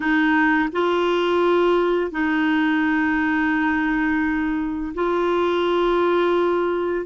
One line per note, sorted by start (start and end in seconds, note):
0.00 0.69 D#4
0.72 2.11 F4
2.11 4.93 D#4
4.94 7.06 F4